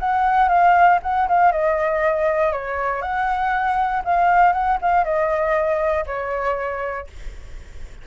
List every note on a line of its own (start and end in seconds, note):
0.00 0.49 F#5
0.49 0.99 F5
1.03 1.28 F#5
1.28 1.52 F5
1.52 2.53 D#5
2.53 3.02 C#5
3.02 4.03 F#5
4.05 4.53 F5
4.53 4.78 F#5
4.82 5.05 F5
5.05 6.05 D#5
6.07 7.07 C#5